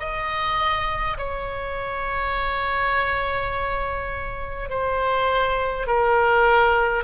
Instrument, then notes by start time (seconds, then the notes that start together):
oboe
0.00 D#5
1.18 C#5
4.70 C5
5.87 A#4